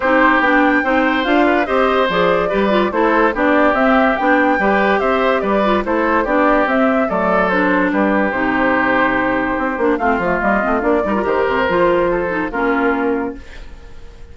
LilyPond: <<
  \new Staff \with { instrumentName = "flute" } { \time 4/4 \tempo 4 = 144 c''4 g''2 f''4 | dis''4 d''2 c''4 | d''4 e''4 g''2 | e''4 d''4 c''4 d''4 |
e''4 d''4 c''4 b'4 | c''1 | f''4 dis''4 d''4 c''4~ | c''2 ais'2 | }
  \new Staff \with { instrumentName = "oboe" } { \time 4/4 g'2 c''4. b'8 | c''2 b'4 a'4 | g'2. b'4 | c''4 b'4 a'4 g'4~ |
g'4 a'2 g'4~ | g'1 | f'2~ f'8 ais'4.~ | ais'4 a'4 f'2 | }
  \new Staff \with { instrumentName = "clarinet" } { \time 4/4 dis'4 d'4 dis'4 f'4 | g'4 gis'4 g'8 f'8 e'4 | d'4 c'4 d'4 g'4~ | g'4. f'8 e'4 d'4 |
c'4 a4 d'2 | dis'2.~ dis'8 d'8 | c'8 a8 ais8 c'8 d'8 dis'16 f'16 g'4 | f'4. dis'8 cis'2 | }
  \new Staff \with { instrumentName = "bassoon" } { \time 4/4 c'4 b4 c'4 d'4 | c'4 f4 g4 a4 | b4 c'4 b4 g4 | c'4 g4 a4 b4 |
c'4 fis2 g4 | c2. c'8 ais8 | a8 f8 g8 a8 ais8 g8 dis8 c8 | f2 ais2 | }
>>